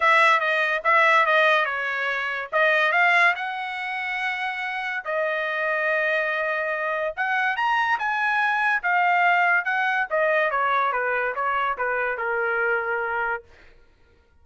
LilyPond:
\new Staff \with { instrumentName = "trumpet" } { \time 4/4 \tempo 4 = 143 e''4 dis''4 e''4 dis''4 | cis''2 dis''4 f''4 | fis''1 | dis''1~ |
dis''4 fis''4 ais''4 gis''4~ | gis''4 f''2 fis''4 | dis''4 cis''4 b'4 cis''4 | b'4 ais'2. | }